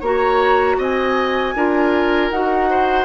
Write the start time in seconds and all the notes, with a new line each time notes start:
0.00 A#3 F#4 C#5 A#5
0.78 C4 D#5 G#5
1.55 D4 F4 A#4
2.30 D#4 F#4 F#5
2.70 C5